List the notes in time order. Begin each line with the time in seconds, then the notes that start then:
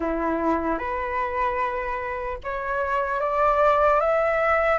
0.00 E4
0.78 B4
2.43 C#5
3.20 D5
4.00 E5